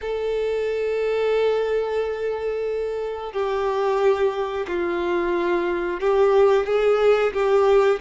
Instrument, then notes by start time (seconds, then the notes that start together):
violin
0.01 A4
3.32 G4
4.67 F4
6.00 G4
6.66 G#4
7.33 G4